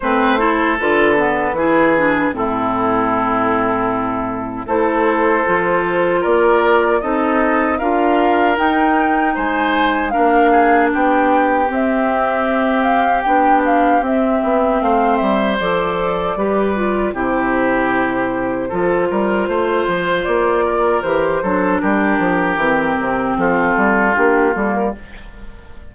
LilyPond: <<
  \new Staff \with { instrumentName = "flute" } { \time 4/4 \tempo 4 = 77 c''4 b'2 a'4~ | a'2 c''2 | d''4 dis''4 f''4 g''4 | gis''4 f''4 g''4 e''4~ |
e''8 f''8 g''8 f''8 e''4 f''8 e''8 | d''2 c''2~ | c''2 d''4 c''4 | ais'2 a'4 g'8 a'16 ais'16 | }
  \new Staff \with { instrumentName = "oboe" } { \time 4/4 b'8 a'4. gis'4 e'4~ | e'2 a'2 | ais'4 a'4 ais'2 | c''4 ais'8 gis'8 g'2~ |
g'2. c''4~ | c''4 b'4 g'2 | a'8 ais'8 c''4. ais'4 a'8 | g'2 f'2 | }
  \new Staff \with { instrumentName = "clarinet" } { \time 4/4 c'8 e'8 f'8 b8 e'8 d'8 c'4~ | c'2 e'4 f'4~ | f'4 dis'4 f'4 dis'4~ | dis'4 d'2 c'4~ |
c'4 d'4 c'2 | a'4 g'8 f'8 e'2 | f'2. g'8 d'8~ | d'4 c'2 d'8 ais8 | }
  \new Staff \with { instrumentName = "bassoon" } { \time 4/4 a4 d4 e4 a,4~ | a,2 a4 f4 | ais4 c'4 d'4 dis'4 | gis4 ais4 b4 c'4~ |
c'4 b4 c'8 b8 a8 g8 | f4 g4 c2 | f8 g8 a8 f8 ais4 e8 fis8 | g8 f8 e8 c8 f8 g8 ais8 g8 | }
>>